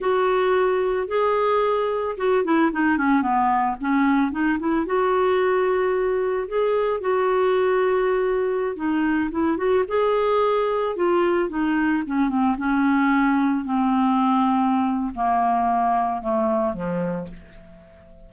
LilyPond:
\new Staff \with { instrumentName = "clarinet" } { \time 4/4 \tempo 4 = 111 fis'2 gis'2 | fis'8 e'8 dis'8 cis'8 b4 cis'4 | dis'8 e'8 fis'2. | gis'4 fis'2.~ |
fis'16 dis'4 e'8 fis'8 gis'4.~ gis'16~ | gis'16 f'4 dis'4 cis'8 c'8 cis'8.~ | cis'4~ cis'16 c'2~ c'8. | ais2 a4 f4 | }